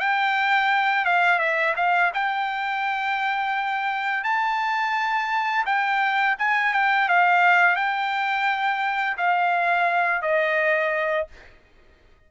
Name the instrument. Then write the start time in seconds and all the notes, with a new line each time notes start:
trumpet
0.00 G5
1.05 F5
1.39 E5
1.76 F5
2.14 G5
4.24 A5
5.66 G5
6.39 G#5
6.73 G5
7.09 F5
7.76 G5
9.18 F5
10.22 D#5